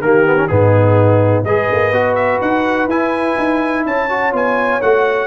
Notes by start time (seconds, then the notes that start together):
0.00 D#3 A#3 G4 A#4
0.26 B3
0.36 C#4
0.48 G#2 B3 D#4 G#4
1.44 G#3 G#4 B4 D#5
1.71 A#3
1.91 B3 F#4
2.15 E5
2.41 D#4 F#5
2.87 E4 G#5
3.38 D#4
3.85 C#4 C#5 A5
4.09 F#4
4.32 B3 F4 G#5
4.81 A3 F#4 F#5